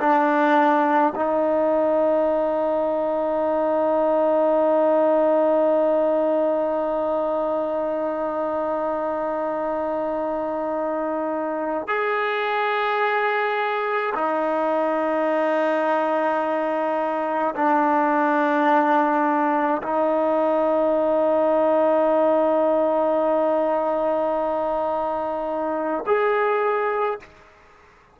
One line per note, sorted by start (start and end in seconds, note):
0.00 1.13 D4
1.15 11.88 D#4
11.88 14.14 G#4
14.15 17.55 D#4
17.55 19.82 D4
19.82 26.04 D#4
26.06 27.20 G#4